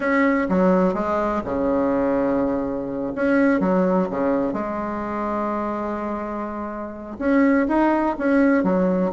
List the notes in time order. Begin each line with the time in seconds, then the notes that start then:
0.00 C#4
0.49 F#3
0.94 G#3
1.44 C#3
3.15 C#4
3.60 F#3
4.10 C#3
4.53 G#3
7.18 C#4
7.68 D#4
8.18 C#4
8.63 F#3